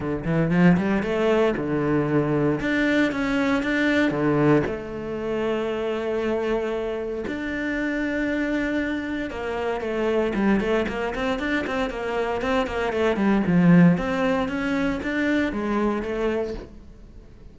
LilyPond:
\new Staff \with { instrumentName = "cello" } { \time 4/4 \tempo 4 = 116 d8 e8 f8 g8 a4 d4~ | d4 d'4 cis'4 d'4 | d4 a2.~ | a2 d'2~ |
d'2 ais4 a4 | g8 a8 ais8 c'8 d'8 c'8 ais4 | c'8 ais8 a8 g8 f4 c'4 | cis'4 d'4 gis4 a4 | }